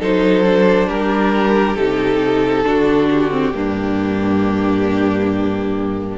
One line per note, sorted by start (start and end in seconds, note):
0.00 0.89 F#3
0.00 0.44 D#4
0.00 0.88 A4
0.00 0.89 C5
0.44 1.76 D4
0.88 1.76 G3
0.88 2.64 G4
0.88 1.76 A#4
1.76 2.65 C3
1.76 2.65 D#4
1.76 3.08 A4
2.65 3.55 D3
2.65 3.31 D4
2.65 3.55 F#4
3.11 6.18 G4
3.31 3.53 C4
3.54 6.18 G2
3.54 6.18 A#3
3.54 6.18 D4